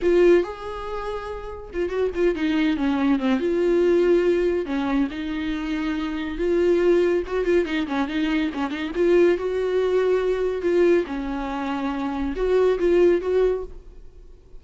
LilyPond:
\new Staff \with { instrumentName = "viola" } { \time 4/4 \tempo 4 = 141 f'4 gis'2. | f'8 fis'8 f'8 dis'4 cis'4 c'8 | f'2. cis'4 | dis'2. f'4~ |
f'4 fis'8 f'8 dis'8 cis'8 dis'4 | cis'8 dis'8 f'4 fis'2~ | fis'4 f'4 cis'2~ | cis'4 fis'4 f'4 fis'4 | }